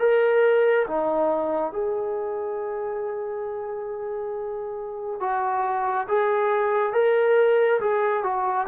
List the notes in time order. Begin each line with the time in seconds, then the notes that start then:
0.00 A#4
0.88 D#4
1.73 G#4
5.21 F#4
6.09 G#4
6.93 A#4
7.81 G#4
8.24 F#4